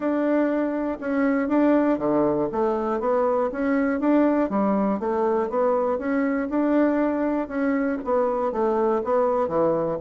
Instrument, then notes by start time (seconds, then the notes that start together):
bassoon
0.00 D4
1.00 C#4
1.48 D4
1.98 D3
2.51 A3
3.00 B3
3.52 C#4
4.00 D4
4.49 G3
4.99 A3
5.49 B3
5.98 C#4
6.49 D4
7.47 C#4
8.04 B3
8.52 A3
9.04 B3
9.48 E3